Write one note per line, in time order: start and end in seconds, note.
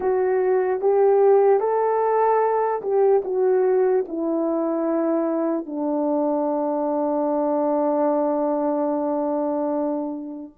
0.00 0.80 F#4
0.80 1.60 G4
1.60 2.81 A4
2.82 3.22 G4
3.24 4.05 F#4
4.08 5.66 E4
5.66 10.52 D4